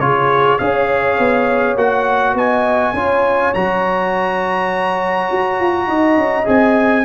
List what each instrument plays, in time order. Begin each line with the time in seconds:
0.00 tuba C#3, trombone F4, horn G#4, trumpet C#5
0.59 tuba C#4, trombone G#4, horn C#5, trumpet F5
1.19 tuba B3
1.76 tuba A#3, trombone F#4, trumpet F#5
2.35 tuba B3, horn D#5, trumpet G#5
2.94 tuba C#4, trombone F4, horn C#5
3.54 tuba F#3, trombone F#4, trumpet A#5
5.32 tuba F#4
5.60 tuba F4
5.88 tuba D#4, horn D#5
6.18 tuba C#4
6.45 tuba C4, trombone G#4, trumpet G#5